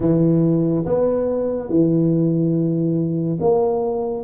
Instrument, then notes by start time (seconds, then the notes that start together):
tuba
0.00 E3
0.85 B3
1.69 E3
3.40 A#3